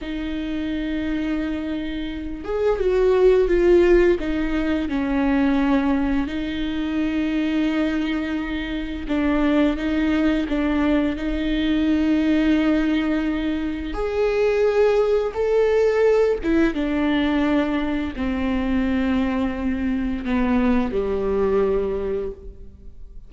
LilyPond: \new Staff \with { instrumentName = "viola" } { \time 4/4 \tempo 4 = 86 dis'2.~ dis'8 gis'8 | fis'4 f'4 dis'4 cis'4~ | cis'4 dis'2.~ | dis'4 d'4 dis'4 d'4 |
dis'1 | gis'2 a'4. e'8 | d'2 c'2~ | c'4 b4 g2 | }